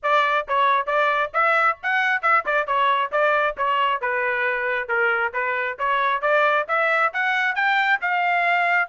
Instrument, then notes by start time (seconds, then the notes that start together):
trumpet
0.02 D5
0.48 C#5
0.86 D5
1.33 E5
1.82 F#5
2.22 E5
2.45 D5
2.66 C#5
3.11 D5
3.57 C#5
4.01 B4
4.88 A#4
5.33 B4
5.78 C#5
6.21 D5
6.68 E5
7.13 F#5
7.55 G5
8.01 F5